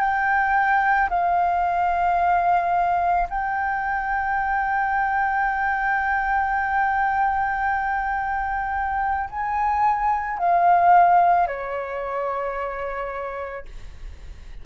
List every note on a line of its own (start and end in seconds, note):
0.00 1.09 G5
1.10 3.28 F5
3.29 9.29 G5
9.30 10.38 G#5
10.38 11.47 F5
11.47 13.65 C#5